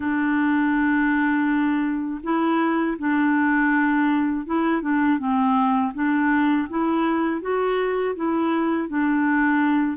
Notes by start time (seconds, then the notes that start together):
0.00 D4
2.23 E4
2.98 D4
4.46 E4
4.81 D4
5.18 C4
5.94 D4
6.69 E4
7.41 F#4
8.15 E4
8.88 D4